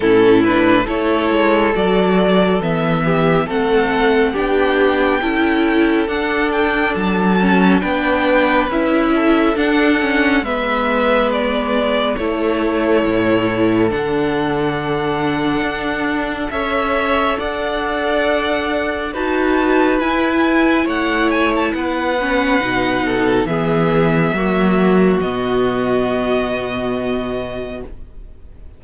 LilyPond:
<<
  \new Staff \with { instrumentName = "violin" } { \time 4/4 \tempo 4 = 69 a'8 b'8 cis''4 d''4 e''4 | fis''4 g''2 fis''8 g''8 | a''4 g''4 e''4 fis''4 | e''4 d''4 cis''2 |
fis''2. e''4 | fis''2 a''4 gis''4 | fis''8 gis''16 a''16 fis''2 e''4~ | e''4 dis''2. | }
  \new Staff \with { instrumentName = "violin" } { \time 4/4 e'4 a'2~ a'8 g'8 | a'4 g'4 a'2~ | a'4 b'4. a'4. | b'2 a'2~ |
a'2. cis''4 | d''2 b'2 | cis''4 b'4. a'8 gis'4 | fis'1 | }
  \new Staff \with { instrumentName = "viola" } { \time 4/4 cis'8 d'8 e'4 fis'4 b4 | c'4 d'4 e'4 d'4~ | d'8 cis'8 d'4 e'4 d'8 cis'8 | b2 e'2 |
d'2. a'4~ | a'2 fis'4 e'4~ | e'4. cis'8 dis'4 b4 | ais4 b2. | }
  \new Staff \with { instrumentName = "cello" } { \time 4/4 a,4 a8 gis8 fis4 e4 | a4 b4 cis'4 d'4 | fis4 b4 cis'4 d'4 | gis2 a4 a,4 |
d2 d'4 cis'4 | d'2 dis'4 e'4 | a4 b4 b,4 e4 | fis4 b,2. | }
>>